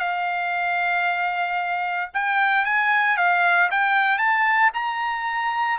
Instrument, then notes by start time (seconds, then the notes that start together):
trumpet
0.00 F5
2.14 G5
2.65 G#5
3.17 F5
3.71 G5
4.18 A5
4.74 A#5